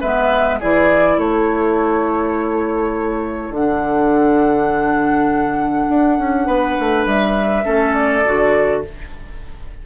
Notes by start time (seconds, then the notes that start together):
0.00 G#3 B3 B4 E5
0.60 E3 E4 G#4 D5
1.18 A3 A4 C#5
3.50 D3 D4 F#5
5.89 D4
6.19 C#4
6.47 B3 B4
6.79 A3
7.06 G3 E5
7.64 A3 C#4 A4
7.94 D5
8.25 D3 F#4